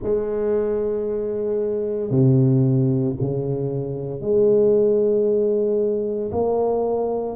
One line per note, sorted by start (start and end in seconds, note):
0.02 2.10 G#3
2.10 3.15 C3
3.20 4.21 C#3
4.21 6.31 G#3
6.32 7.35 A#3